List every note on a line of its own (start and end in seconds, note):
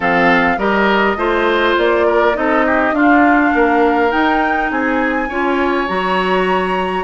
0.00 0.57 F3
0.00 0.58 C4
0.00 0.57 A4
0.00 0.59 F5
0.57 1.16 G3
0.57 1.17 G4
0.57 1.17 A#4
0.57 1.77 D#5
1.16 1.75 A3
1.16 2.34 F4
1.16 2.06 C5
1.77 2.36 A#3
1.77 2.36 D5
2.06 2.36 A#4
2.34 2.91 C4
2.34 2.93 D#4
2.34 2.65 A4
2.34 2.95 D#5
2.65 2.94 G4
2.91 3.50 D4
2.91 4.11 D4
2.91 3.53 F4
2.91 4.11 F5
3.54 4.12 A#3
3.54 4.71 A#4
4.11 5.28 D#4
4.11 4.71 D#4
4.11 4.70 G5
4.70 5.29 C4
4.70 5.28 G#4
4.70 5.88 G#5
5.28 5.87 C#4
5.28 5.87 F4
5.28 7.04 C#5
5.87 7.04 F#3
5.87 7.04 F#4
5.87 7.04 A#5